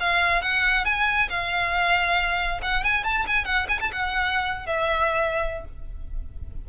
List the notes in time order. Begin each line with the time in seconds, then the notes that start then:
0.00 F5
0.42 F#5
0.85 G#5
1.30 F5
2.62 F#5
2.84 G#5
3.04 A5
3.27 G#5
3.45 F#5
3.69 G#5
3.81 A5
3.93 F#5
4.67 E5